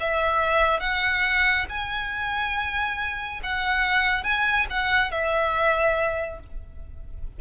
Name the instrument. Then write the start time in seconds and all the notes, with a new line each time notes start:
violin
0.00 E5
0.80 F#5
1.69 G#5
3.43 F#5
4.23 G#5
4.70 F#5
5.11 E5